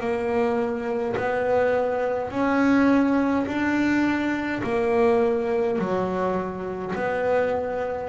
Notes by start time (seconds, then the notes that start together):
0.00 A#3
1.16 B3
2.30 C#4
3.47 D4
4.63 A#3
5.78 F#3
6.95 B3